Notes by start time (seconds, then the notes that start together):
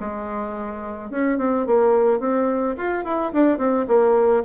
0.00 G#3
1.10 C#4
1.38 C4
1.66 A#3
2.20 C4
2.77 F4
3.04 E4
3.33 D4
3.58 C4
3.87 A#3